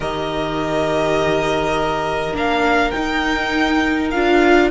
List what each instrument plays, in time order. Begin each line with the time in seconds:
0.00 cello D#3, viola G4, violin A#4 D#5
2.32 cello A#3, viola D4, violin F5
2.90 viola D#4, cello D#4, violin G5
4.10 cello D4, viola F4, violin F5